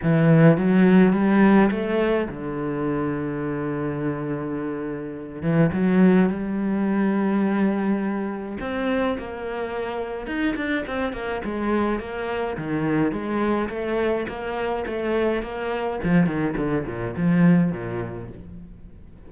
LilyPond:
\new Staff \with { instrumentName = "cello" } { \time 4/4 \tempo 4 = 105 e4 fis4 g4 a4 | d1~ | d4. e8 fis4 g4~ | g2. c'4 |
ais2 dis'8 d'8 c'8 ais8 | gis4 ais4 dis4 gis4 | a4 ais4 a4 ais4 | f8 dis8 d8 ais,8 f4 ais,4 | }